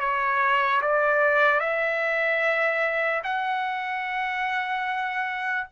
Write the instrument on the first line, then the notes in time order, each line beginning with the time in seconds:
trumpet
0.00 C#5
0.81 D5
1.60 E5
3.24 F#5